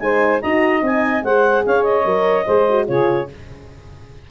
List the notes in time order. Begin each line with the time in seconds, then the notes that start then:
0.00 G#3 D#4 C5 G#5
0.42 D#4 F#4 D#5 A#5
0.82 C4 D#4 G#5
1.23 G#3 G#4 C5 F#5
1.66 C#4 C#5 F5
1.84 D#5
2.04 F#3 A#4
2.46 G#3 G#4 C5
2.70 F#4
2.87 C#3 F4 G#4 C#5